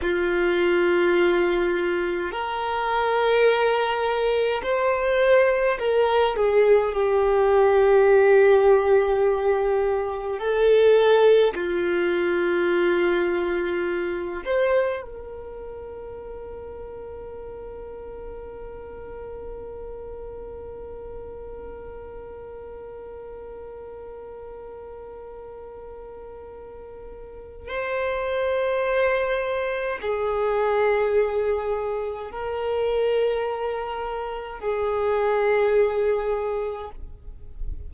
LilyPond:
\new Staff \with { instrumentName = "violin" } { \time 4/4 \tempo 4 = 52 f'2 ais'2 | c''4 ais'8 gis'8 g'2~ | g'4 a'4 f'2~ | f'8 c''8 ais'2.~ |
ais'1~ | ais'1 | c''2 gis'2 | ais'2 gis'2 | }